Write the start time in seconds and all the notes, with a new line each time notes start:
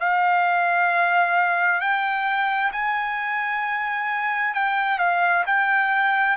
0.00 F5
1.81 G5
2.72 G#5
4.54 G5
4.99 F5
5.46 G5